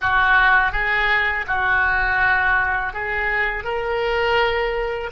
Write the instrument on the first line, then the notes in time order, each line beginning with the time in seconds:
oboe
0.01 F#4
0.72 G#4
1.47 F#4
2.93 G#4
3.64 A#4